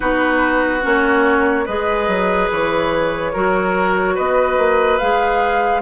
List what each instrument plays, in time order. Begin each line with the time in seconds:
0.00 bassoon B3, clarinet D#4, oboe F#4, flute B4
0.82 bassoon A#3, clarinet C#4, flute C#5
1.65 bassoon G#3, clarinet G#4, oboe B4, flute D#5
2.07 bassoon F#3
2.51 bassoon E3, flute C#5
3.32 bassoon F#3, clarinet F#4, oboe A#4
4.14 bassoon B3, oboe B4, flute D#5
4.57 bassoon A#3
4.98 bassoon G#3, clarinet G#4, flute F5